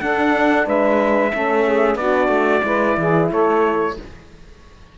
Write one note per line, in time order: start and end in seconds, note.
0.00 0.66 D4
0.00 1.33 D4
0.00 0.66 A4
0.00 0.66 F#5
0.66 1.32 G#3
0.66 1.32 B4
0.66 1.97 E5
1.33 1.95 A3
1.33 1.99 C#4
1.33 1.65 A4
1.65 1.98 G#4
1.95 2.28 B3
1.95 2.61 D4
1.95 2.64 F#4
1.95 3.29 D5
2.28 2.61 A3
2.61 2.96 G#3
2.61 3.93 E4
2.61 2.98 B4
2.97 3.30 E3
2.97 3.30 G#4
3.30 3.97 A3
3.30 3.96 A4
3.30 3.98 C#5